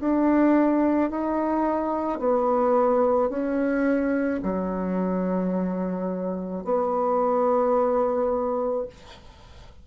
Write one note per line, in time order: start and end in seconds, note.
0.00 1.11 D4
1.11 2.20 D#4
2.20 3.30 B3
3.30 4.41 C#4
4.43 6.65 F#3
6.65 8.87 B3